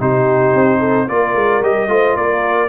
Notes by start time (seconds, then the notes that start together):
0.00 C3 D#4 G4 C5
0.55 C4
0.79 A4
1.09 A#3 F4 A#4 D5
1.35 G#3
1.61 G3 G4 D#5
1.88 A3 F4 C5
2.16 A#3 A#4 D5